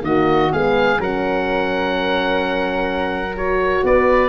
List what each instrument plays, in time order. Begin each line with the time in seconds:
0.00 tuba D#3, horn A#3, flute F#4, oboe D#5
0.51 tuba G#3, horn B3, flute G#4, oboe F5
0.97 tuba F#3, horn C#4, flute A#4, oboe F#5
3.34 horn F#4, oboe C#5
3.83 tuba B3, flute B4, oboe D5